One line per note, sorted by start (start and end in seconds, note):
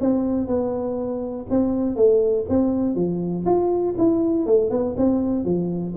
0.00 0.47 C4
0.47 1.46 B3
1.50 1.96 C4
1.96 2.45 A3
2.49 2.95 C4
2.95 3.45 F3
3.45 3.95 F4
3.98 4.46 E4
4.46 4.70 A3
4.70 4.95 B3
4.97 5.45 C4
5.45 5.94 F3